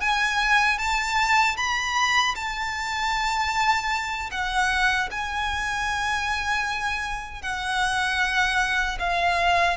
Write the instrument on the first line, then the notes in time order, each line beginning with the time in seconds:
violin
0.00 G#5
0.78 A5
1.57 B5
2.35 A5
4.31 F#5
5.10 G#5
7.42 F#5
8.99 F5